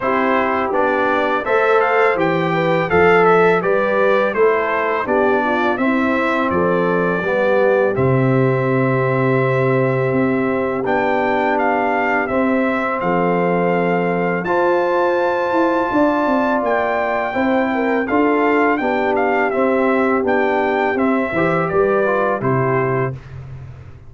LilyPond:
<<
  \new Staff \with { instrumentName = "trumpet" } { \time 4/4 \tempo 4 = 83 c''4 d''4 e''8 f''8 g''4 | f''8 e''8 d''4 c''4 d''4 | e''4 d''2 e''4~ | e''2. g''4 |
f''4 e''4 f''2 | a''2. g''4~ | g''4 f''4 g''8 f''8 e''4 | g''4 e''4 d''4 c''4 | }
  \new Staff \with { instrumentName = "horn" } { \time 4/4 g'2 c''4. b'8 | a'4 b'4 a'4 g'8 f'8 | e'4 a'4 g'2~ | g'1~ |
g'2 a'2 | c''2 d''2 | c''8 ais'8 a'4 g'2~ | g'4. c''8 b'4 g'4 | }
  \new Staff \with { instrumentName = "trombone" } { \time 4/4 e'4 d'4 a'4 g'4 | a'4 g'4 e'4 d'4 | c'2 b4 c'4~ | c'2. d'4~ |
d'4 c'2. | f'1 | e'4 f'4 d'4 c'4 | d'4 c'8 g'4 f'8 e'4 | }
  \new Staff \with { instrumentName = "tuba" } { \time 4/4 c'4 b4 a4 e4 | f4 g4 a4 b4 | c'4 f4 g4 c4~ | c2 c'4 b4~ |
b4 c'4 f2 | f'4. e'8 d'8 c'8 ais4 | c'4 d'4 b4 c'4 | b4 c'8 e8 g4 c4 | }
>>